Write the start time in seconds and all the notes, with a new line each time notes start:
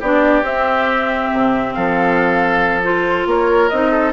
0.00 B3 D4 G4 D5
0.42 C4 E5
1.33 C3
1.73 F3 A4 F5
2.84 F4 C5
3.26 A#3 A#4 C#5
3.69 C4 D#4 D#5
3.91 A4